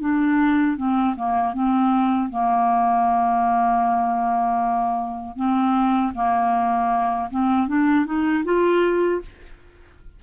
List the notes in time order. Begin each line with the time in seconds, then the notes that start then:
0.00 D4
0.77 C4
1.16 A#3
1.53 C4
2.29 A#3
5.36 C4
6.14 A#3
7.30 C4
7.67 D4
8.05 D#4
8.44 F4